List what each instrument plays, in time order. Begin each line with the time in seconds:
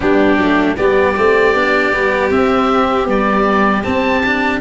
0.00 tuba G3, cello B3, violin D4, oboe G4
0.37 tuba F#3, cello A3
0.76 tuba G3, cello B3, violin G4, oboe D5
1.16 tuba A3, cello C4
1.54 tuba B3, cello D4
1.91 tuba G3, cello B3
2.30 tuba C4, cello C4, oboe E5
3.04 cello G3, tuba B3, oboe D5
3.83 cello C4, tuba C4, oboe A5
4.25 cello D4